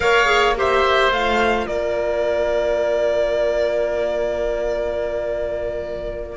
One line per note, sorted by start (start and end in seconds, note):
0.00 1.11 A#3
0.00 0.25 A#4
0.00 0.57 C#5
0.00 0.54 F5
0.25 0.53 G#4
0.56 1.11 G4
0.56 1.67 C5
0.56 1.12 E5
1.11 1.67 A3
1.11 6.36 F4
1.11 1.67 F5
1.67 6.36 A#3
1.67 6.36 A#4
1.67 6.36 D5